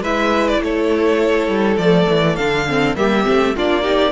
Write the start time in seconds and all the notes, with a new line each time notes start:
0.00 G#3 E4 B4 E5
0.48 D5
0.60 A3 A4 C#5
1.47 G3
1.78 F3 A3 D5
2.09 E3
2.36 D3 D4 F5
2.69 C4
2.96 G3 A#3 G4 E5
3.24 A3 C4
3.56 A#3 D4 F4 D5
3.82 D#4 G4